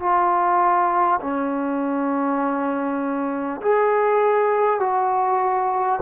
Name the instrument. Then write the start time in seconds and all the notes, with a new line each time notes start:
trombone
0.00 F4
1.21 C#4
3.62 G#4
4.80 F#4